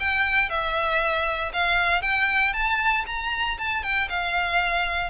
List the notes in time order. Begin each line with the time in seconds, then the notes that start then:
0.00 G5
0.49 E5
1.53 F5
2.02 G5
2.54 A5
3.07 A#5
3.59 A5
3.83 G5
4.09 F5